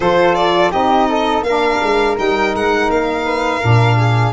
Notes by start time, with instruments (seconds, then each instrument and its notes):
0.00 tuba F3, saxophone F4, flute A4, violin C5
0.34 violin D5
0.71 tuba C4, saxophone D#4, flute G4, violin D#5
1.08 flute A4
1.42 tuba A#3, saxophone D4, flute A#4, violin F5
1.82 tuba G#3
2.16 tuba G3, saxophone D#4, violin G5
2.54 tuba G#3, violin F#5
2.89 tuba A#3, violin F5
3.25 flute B4
3.58 tuba A#2, saxophone D4, flute A#4
3.97 flute G#4